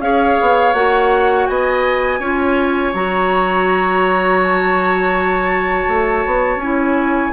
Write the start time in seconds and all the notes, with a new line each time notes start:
0.00 C#4 G#4 C#5 F5
0.41 B3
0.73 A#3 F#4 F#5
1.46 B3 D#5 G#5
2.19 C#4 F4 C#5
2.93 F#3 F#4 A#5
4.42 A5
5.87 A3
6.26 B3
6.55 C#4 G#5
6.62 E4